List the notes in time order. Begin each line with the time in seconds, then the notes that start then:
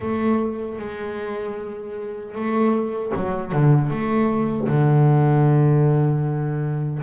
0.00 A3
0.78 G#3
2.34 A3
3.15 F#3
3.51 D3
3.90 A3
4.68 D3